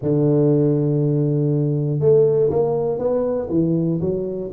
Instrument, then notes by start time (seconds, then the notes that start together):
tuba
0.01 D3
1.99 A3
2.50 A#3
2.98 B3
3.50 E3
4.00 F#3